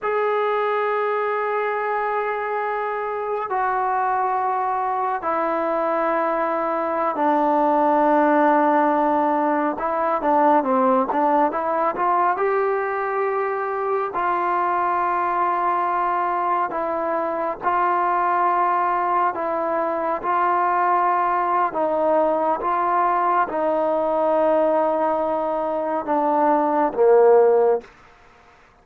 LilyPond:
\new Staff \with { instrumentName = "trombone" } { \time 4/4 \tempo 4 = 69 gis'1 | fis'2 e'2~ | e'16 d'2. e'8 d'16~ | d'16 c'8 d'8 e'8 f'8 g'4.~ g'16~ |
g'16 f'2. e'8.~ | e'16 f'2 e'4 f'8.~ | f'4 dis'4 f'4 dis'4~ | dis'2 d'4 ais4 | }